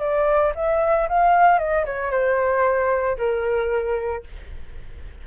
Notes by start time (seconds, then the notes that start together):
0.00 D5
0.56 E5
1.09 F5
1.59 D#5
1.86 C#5
2.11 C5
3.18 A#4